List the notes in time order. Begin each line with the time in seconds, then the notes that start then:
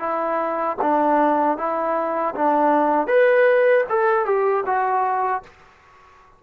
0.00 E4
0.82 D4
1.58 E4
2.35 D4
3.08 B4
3.90 A4
4.26 G4
4.66 F#4